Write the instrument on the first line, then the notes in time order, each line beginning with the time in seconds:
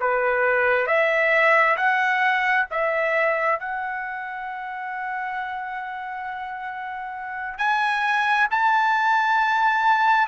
trumpet
0.00 B4
0.86 E5
1.76 F#5
2.70 E5
3.59 F#5
7.58 G#5
8.50 A5